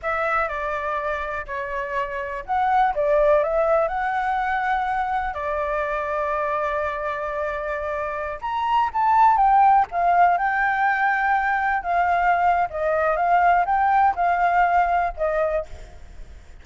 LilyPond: \new Staff \with { instrumentName = "flute" } { \time 4/4 \tempo 4 = 123 e''4 d''2 cis''4~ | cis''4 fis''4 d''4 e''4 | fis''2. d''4~ | d''1~ |
d''4~ d''16 ais''4 a''4 g''8.~ | g''16 f''4 g''2~ g''8.~ | g''16 f''4.~ f''16 dis''4 f''4 | g''4 f''2 dis''4 | }